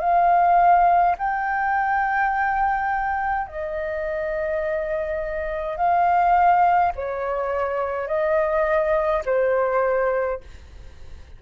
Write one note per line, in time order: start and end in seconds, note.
0.00 1.15 F5
1.18 3.47 G5
3.47 5.77 D#5
5.77 6.92 F5
6.95 8.07 C#5
8.07 9.23 D#5
9.25 10.41 C5